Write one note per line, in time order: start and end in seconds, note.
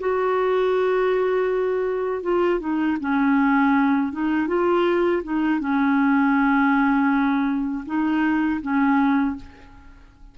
0.00 2.23 F#4
2.23 2.60 F4
2.60 2.98 D#4
3.00 4.13 C#4
4.13 4.48 D#4
4.48 5.23 F4
5.24 5.60 D#4
5.60 7.85 C#4
7.86 8.61 D#4
8.62 9.37 C#4